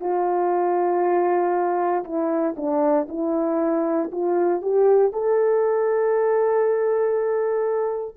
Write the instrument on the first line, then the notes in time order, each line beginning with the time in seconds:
horn
0.00 F4
2.04 E4
2.57 D4
3.09 E4
4.12 F4
4.62 G4
5.13 A4